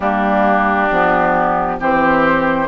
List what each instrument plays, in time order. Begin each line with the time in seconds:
0.00 bassoon G3, clarinet A#3, oboe D4, flute G4
0.90 bassoon F3, clarinet B3
1.79 bassoon E3, clarinet C4, oboe G4, flute C5